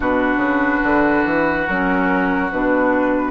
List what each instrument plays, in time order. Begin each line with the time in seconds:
0.00 bassoon B2, clarinet D4, oboe F#4, flute B4
0.37 bassoon C#3
0.83 bassoon D3
1.25 bassoon E3
1.66 bassoon F#3, clarinet C#4, flute A#4
2.51 bassoon B2, clarinet D4, flute B4